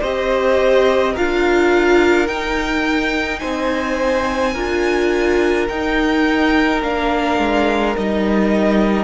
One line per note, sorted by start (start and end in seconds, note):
0.00 1.16 C4
0.00 1.16 G4
0.00 1.12 C5
0.00 1.16 D#5
1.12 2.28 D4
1.12 2.28 F4
1.12 3.39 A#4
1.12 2.27 F5
2.27 4.54 D#4
2.27 3.42 D#4
2.27 3.39 G5
3.39 4.55 C4
3.39 4.53 C5
3.39 5.66 G#5
4.53 5.68 D4
4.53 5.68 F4
4.53 9.04 A#4
5.68 6.82 D#4
5.68 6.81 G5
6.82 7.38 A#3
6.82 7.96 D4
6.82 7.96 F5
7.38 7.95 G#3
7.96 9.04 G3
7.96 9.04 D#4
7.96 9.04 D#5